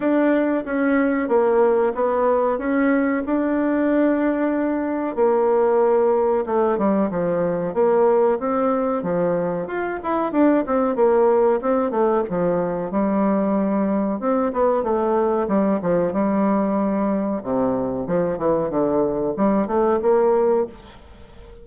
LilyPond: \new Staff \with { instrumentName = "bassoon" } { \time 4/4 \tempo 4 = 93 d'4 cis'4 ais4 b4 | cis'4 d'2. | ais2 a8 g8 f4 | ais4 c'4 f4 f'8 e'8 |
d'8 c'8 ais4 c'8 a8 f4 | g2 c'8 b8 a4 | g8 f8 g2 c4 | f8 e8 d4 g8 a8 ais4 | }